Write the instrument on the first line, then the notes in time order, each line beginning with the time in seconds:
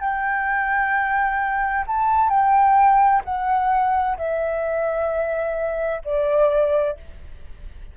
flute
0.00 G5
1.87 A5
2.30 G5
3.24 F#5
4.17 E5
6.05 D5